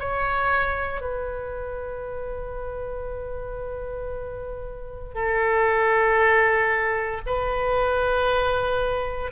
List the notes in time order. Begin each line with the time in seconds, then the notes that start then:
0.00 C#5
1.01 B4
5.15 A4
7.26 B4